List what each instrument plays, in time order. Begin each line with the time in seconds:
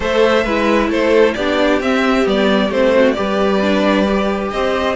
0.00 cello A3, viola A4, violin C5 E5
0.43 cello G#3, viola E4, violin B4
0.88 cello A3, violin A4 C5
1.34 cello B3, viola D4, violin G4 D5
1.80 cello C4, viola C4, violin E5
2.24 cello G3, viola B3, violin D5
2.69 cello A3, viola C4, violin C5
2.94 violin F#4
3.12 viola G4, violin B4 D5
3.18 cello G3
3.61 viola D4
4.07 viola G4
4.50 cello C4, violin C5 D#5